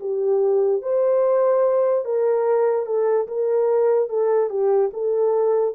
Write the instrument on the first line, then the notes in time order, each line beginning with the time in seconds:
horn
0.00 G4
0.82 C5
2.05 A#4
2.86 A4
3.28 A#4
4.09 A4
4.49 G4
4.94 A4